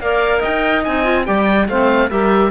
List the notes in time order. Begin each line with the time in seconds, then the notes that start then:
0.00 A#3 A#4 D5 F5
0.39 D#5 G5
0.45 D#4
0.84 C4 D#4 G#5
1.03 F4
1.25 G3 G4 D5 G5
1.68 A3 C4 C5 F5
2.09 G3 G4 A#4 E5